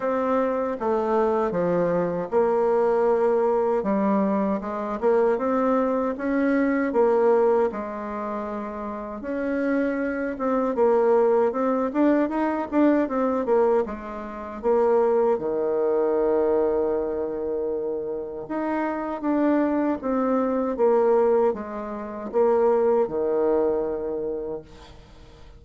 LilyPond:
\new Staff \with { instrumentName = "bassoon" } { \time 4/4 \tempo 4 = 78 c'4 a4 f4 ais4~ | ais4 g4 gis8 ais8 c'4 | cis'4 ais4 gis2 | cis'4. c'8 ais4 c'8 d'8 |
dis'8 d'8 c'8 ais8 gis4 ais4 | dis1 | dis'4 d'4 c'4 ais4 | gis4 ais4 dis2 | }